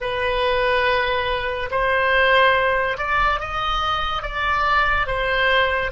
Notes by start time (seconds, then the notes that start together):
0.00 B4
1.70 C5
2.97 D5
3.40 D#5
4.22 D5
5.06 C5